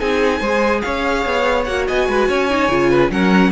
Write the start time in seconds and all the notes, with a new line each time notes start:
0.00 C4 D#4 G#4 G#5
0.40 G#3 G#4 C5
0.81 C#4 C#5 F5
1.26 B3
1.64 A#3 F#4 F#5
1.88 B3 D#5 G#5
2.08 G#3 B4
2.29 C#4 C#5
2.50 D#4
2.69 C#3 F4
2.91 B4
3.10 F#3 C#4 A#4 F#5